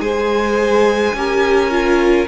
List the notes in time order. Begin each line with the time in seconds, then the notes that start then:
0.00 G#3 G#4 C5 G#5
1.14 C#4 G4 A#4
1.71 F4